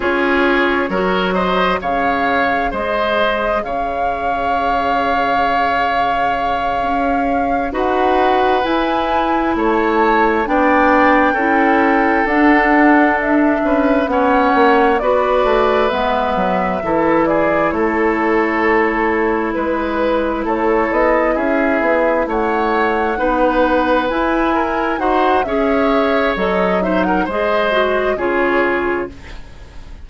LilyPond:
<<
  \new Staff \with { instrumentName = "flute" } { \time 4/4 \tempo 4 = 66 cis''4. dis''8 f''4 dis''4 | f''1~ | f''8 fis''4 gis''4 a''4 g''8~ | g''4. fis''4 e''4 fis''8~ |
fis''8 d''4 e''4. d''8 cis''8~ | cis''4. b'4 cis''8 dis''8 e''8~ | e''8 fis''2 gis''4 fis''8 | e''4 dis''8 e''16 fis''16 dis''4 cis''4 | }
  \new Staff \with { instrumentName = "oboe" } { \time 4/4 gis'4 ais'8 c''8 cis''4 c''4 | cis''1~ | cis''8 b'2 cis''4 d''8~ | d''8 a'2~ a'8 b'8 cis''8~ |
cis''8 b'2 a'8 gis'8 a'8~ | a'4. b'4 a'4 gis'8~ | gis'8 cis''4 b'4. ais'8 c''8 | cis''4. c''16 ais'16 c''4 gis'4 | }
  \new Staff \with { instrumentName = "clarinet" } { \time 4/4 f'4 fis'4 gis'2~ | gis'1~ | gis'8 fis'4 e'2 d'8~ | d'8 e'4 d'2 cis'8~ |
cis'8 fis'4 b4 e'4.~ | e'1~ | e'4. dis'4 e'4 fis'8 | gis'4 a'8 dis'8 gis'8 fis'8 f'4 | }
  \new Staff \with { instrumentName = "bassoon" } { \time 4/4 cis'4 fis4 cis4 gis4 | cis2.~ cis8 cis'8~ | cis'8 dis'4 e'4 a4 b8~ | b8 cis'4 d'4. cis'8 b8 |
ais8 b8 a8 gis8 fis8 e4 a8~ | a4. gis4 a8 b8 cis'8 | b8 a4 b4 e'4 dis'8 | cis'4 fis4 gis4 cis4 | }
>>